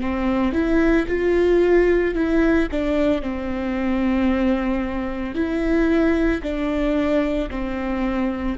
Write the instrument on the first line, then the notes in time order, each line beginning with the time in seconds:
viola
0.00 C4
0.53 E4
1.07 F4
2.14 E4
2.71 D4
3.21 C4
5.34 E4
6.42 D4
7.50 C4